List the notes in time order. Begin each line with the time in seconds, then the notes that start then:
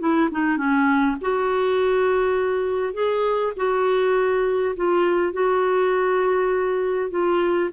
0.00 E4
0.31 D#4
0.58 C#4
1.22 F#4
2.94 G#4
3.57 F#4
4.76 F4
5.33 F#4
7.11 F4